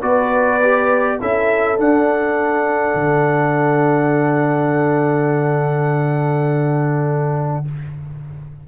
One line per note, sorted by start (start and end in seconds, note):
0.00 1.20 B3
0.00 0.60 F#4
0.00 1.18 B4
0.00 1.19 D5
0.62 1.20 G4
1.20 1.77 C#4
1.20 1.77 E4
1.20 7.67 A4
1.20 1.79 E5
1.77 2.94 D4
1.77 7.65 D4
1.77 7.67 F#5
2.94 7.65 D3